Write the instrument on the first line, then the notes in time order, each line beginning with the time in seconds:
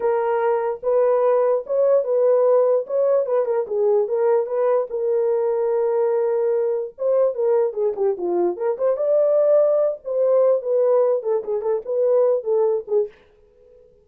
horn
0.00 A#4
0.82 B4
1.66 C#5
2.04 B4
2.86 C#5
3.26 B4
3.45 A#4
3.67 G#4
4.07 A#4
4.46 B4
4.90 A#4
6.98 C5
7.34 A#4
7.73 G#4
7.95 G4
8.17 F4
8.56 A#4
8.78 C5
8.96 D5
10.04 C5
10.62 B4
11.22 A4
11.44 G#4
11.61 A4
11.85 B4
12.43 A4
12.87 G#4